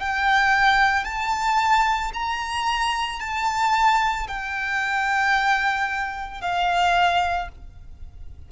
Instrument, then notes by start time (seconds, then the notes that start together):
violin
0.00 G5
1.05 A5
2.14 A#5
3.20 A5
4.28 G5
6.41 F5